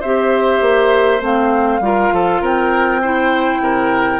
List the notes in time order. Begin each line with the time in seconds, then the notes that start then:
0.00 C4 G4 C5 E5
0.61 A#3
1.20 A3 C4 F5
1.80 G3 F4 A#4
2.12 F3 A4
2.41 C4 A#4 G5
3.01 E4 C5
3.60 C3 A#4